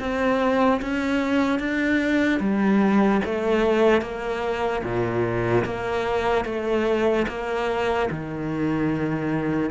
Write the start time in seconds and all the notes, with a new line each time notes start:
0.00 C4
0.82 C#4
1.59 D4
2.40 G3
3.25 A3
4.02 A#3
4.84 A#2
5.65 A#3
6.45 A3
7.28 A#3
8.10 D#3